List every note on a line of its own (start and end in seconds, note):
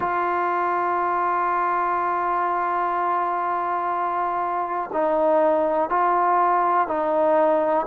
0.00 4.90 F4
4.92 5.89 D#4
5.89 6.87 F4
6.87 7.86 D#4